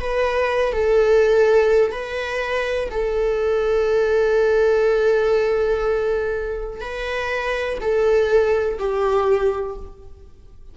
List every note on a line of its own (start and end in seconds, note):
0.00 0.73 B4
0.73 1.92 A4
1.92 2.89 B4
2.91 6.81 A4
6.81 7.78 B4
7.81 8.78 A4
8.79 9.76 G4